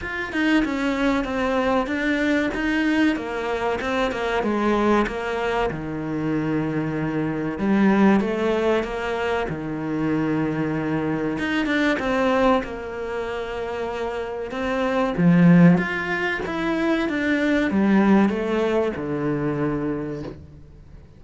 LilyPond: \new Staff \with { instrumentName = "cello" } { \time 4/4 \tempo 4 = 95 f'8 dis'8 cis'4 c'4 d'4 | dis'4 ais4 c'8 ais8 gis4 | ais4 dis2. | g4 a4 ais4 dis4~ |
dis2 dis'8 d'8 c'4 | ais2. c'4 | f4 f'4 e'4 d'4 | g4 a4 d2 | }